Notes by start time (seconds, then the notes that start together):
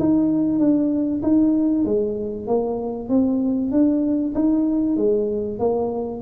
0.00 D#4
0.59 D4
1.23 D#4
1.86 G#3
2.48 A#3
3.09 C4
3.72 D4
4.35 D#4
4.97 G#3
5.60 A#3